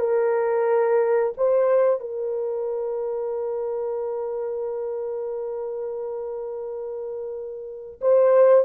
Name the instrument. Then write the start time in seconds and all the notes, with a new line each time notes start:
horn
0.00 A#4
1.38 C5
2.00 A#4
8.02 C5